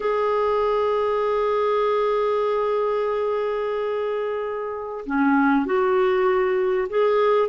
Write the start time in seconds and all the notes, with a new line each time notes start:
0.00 G#4
5.06 C#4
5.65 F#4
6.89 G#4